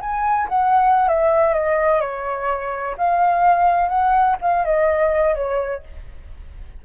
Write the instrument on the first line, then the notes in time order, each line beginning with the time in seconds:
flute
0.00 G#5
0.48 F#5
1.08 E5
1.54 D#5
2.00 C#5
2.97 F5
3.88 F#5
4.41 F5
4.64 D#5
5.35 C#5